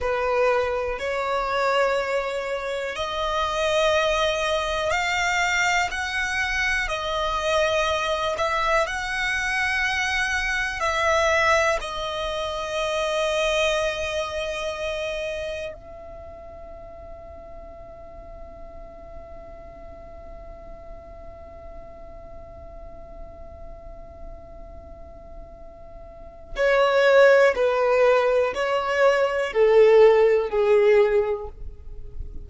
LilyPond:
\new Staff \with { instrumentName = "violin" } { \time 4/4 \tempo 4 = 61 b'4 cis''2 dis''4~ | dis''4 f''4 fis''4 dis''4~ | dis''8 e''8 fis''2 e''4 | dis''1 |
e''1~ | e''1~ | e''2. cis''4 | b'4 cis''4 a'4 gis'4 | }